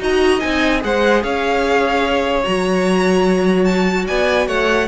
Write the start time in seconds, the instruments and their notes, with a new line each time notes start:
0.00 cello D#4, viola F#4, violin D#5 A#5
0.41 cello C4, viola D#4, violin G#5
0.81 cello G#3, viola G#4, violin C5 F#5
1.23 cello C#4, violin C#5 F5
2.44 cello F#3, viola F#4, violin A#5
3.65 violin A5
4.07 cello B3, violin D5 G#5
4.48 cello A3, violin C#5 F#5